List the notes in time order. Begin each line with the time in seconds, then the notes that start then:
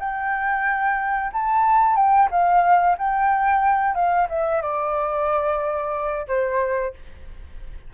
0.00 G5
1.33 A5
1.96 G5
2.31 F5
2.99 G5
3.95 F5
4.30 E5
4.62 D5
6.28 C5